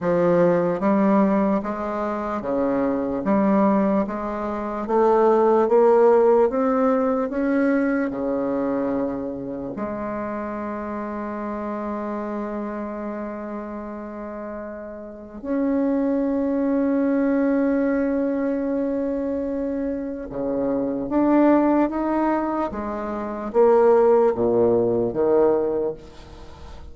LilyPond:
\new Staff \with { instrumentName = "bassoon" } { \time 4/4 \tempo 4 = 74 f4 g4 gis4 cis4 | g4 gis4 a4 ais4 | c'4 cis'4 cis2 | gis1~ |
gis2. cis'4~ | cis'1~ | cis'4 cis4 d'4 dis'4 | gis4 ais4 ais,4 dis4 | }